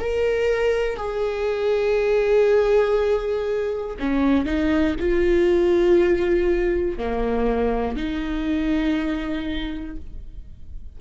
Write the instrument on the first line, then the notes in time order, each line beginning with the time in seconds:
viola
0.00 A#4
0.97 G#4
4.00 C#4
4.45 D#4
5.00 F4
6.98 A#3
7.96 D#4